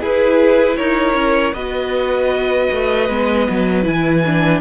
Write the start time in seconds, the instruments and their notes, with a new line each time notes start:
0.00 viola E4, cello E4, violin G#4 B4
0.77 cello D#4, violin A#4 C#5
1.14 cello C#4
1.54 cello B3, viola F#4, violin B4 D#5
2.71 cello A3
3.09 cello G#3, viola B3
3.50 cello F#3
3.83 cello E3, viola E4, violin G#5
4.25 viola D4